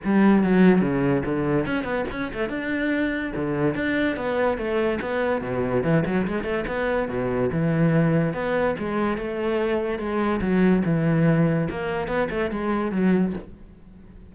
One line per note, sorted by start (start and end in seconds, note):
0.04 0.43 G3
0.43 0.81 F#3
0.81 1.22 C#3
1.25 1.66 D3
1.66 1.84 C#4
1.84 2.04 B3
2.11 2.32 C#4
2.33 2.49 A3
2.49 3.32 D4
3.35 3.74 D3
3.74 4.16 D4
4.16 4.57 B3
4.57 4.99 A3
5.01 5.41 B3
5.41 5.83 B2
5.83 6.03 E3
6.05 6.26 F#3
6.27 6.43 G#3
6.43 6.64 A3
6.67 7.08 B3
7.08 7.50 B2
7.52 8.33 E3
8.33 8.75 B3
8.78 9.17 G#3
9.17 9.98 A3
9.98 10.40 G#3
10.41 10.82 F#3
10.85 11.68 E3
11.70 12.07 A#3
12.07 12.28 B3
12.30 12.50 A3
12.50 12.91 G#3
12.91 13.33 F#3